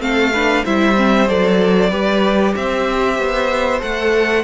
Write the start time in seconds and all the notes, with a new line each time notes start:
0.00 A3 C4 A4 F5
0.33 D4 B4
0.65 G3 E4 C5 E5
0.96 C4
1.27 F#3 A4 D5
1.90 G3 G4 B4
2.55 C4 C5 E5
3.18 B3
3.80 A3 A4 F#5